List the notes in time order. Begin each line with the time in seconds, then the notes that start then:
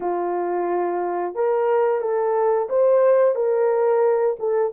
0.00 F4
1.34 A#4
2.00 A4
2.69 C5
3.35 A#4
4.39 A4